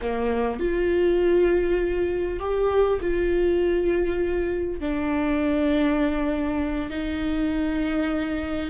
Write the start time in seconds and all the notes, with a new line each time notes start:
0.01 A#3
0.59 F4
2.39 G4
3.00 F4
4.79 D4
6.90 D#4